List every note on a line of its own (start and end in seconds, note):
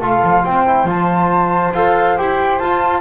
0.00 0.23 A3
0.00 0.66 F4
0.00 0.43 A4
0.00 0.45 F5
0.23 0.45 F3
0.45 0.84 C4
0.45 3.01 C5
0.45 0.88 G5
0.66 0.87 E4
0.84 1.70 F3
0.84 1.73 F4
0.84 1.75 A5
1.74 2.17 F4
1.74 2.17 A4
1.74 2.18 F5
2.17 2.60 E4
2.17 2.61 G4
2.17 2.59 G5
2.59 3.01 F4
2.59 3.01 A5